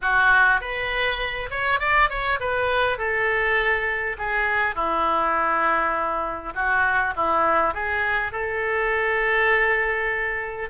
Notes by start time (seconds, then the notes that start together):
0.01 F#4
0.60 B4
1.50 C#5
1.79 D5
2.09 C#5
2.40 B4
2.98 A4
4.17 G#4
4.75 E4
6.54 F#4
7.16 E4
7.74 G#4
8.32 A4